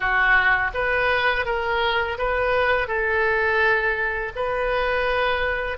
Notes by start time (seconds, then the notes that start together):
0.00 F#4
0.74 B4
1.45 A#4
2.18 B4
2.87 A4
4.35 B4